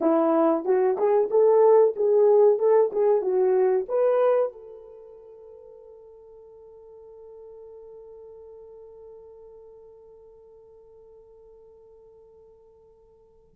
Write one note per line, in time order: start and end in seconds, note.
0.01 0.64 E4
0.64 0.96 F#4
0.97 1.29 G#4
1.30 1.94 A4
1.95 2.58 G#4
2.58 2.91 A4
2.92 3.21 G#4
3.21 3.86 F#4
3.88 4.52 B4
4.52 13.55 A4